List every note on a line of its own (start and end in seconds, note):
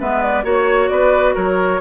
0.00 0.44 G#3
0.00 0.43 B3
0.00 0.44 B4
0.00 0.22 E5
0.22 0.45 D5
0.43 0.90 A#3
0.43 1.81 F#4
0.43 0.90 C#5
0.43 0.89 C#5
0.89 1.36 B3
0.89 1.35 B4
0.89 1.34 D5
1.35 1.81 F#3
1.35 1.81 A#4
1.35 1.81 C#5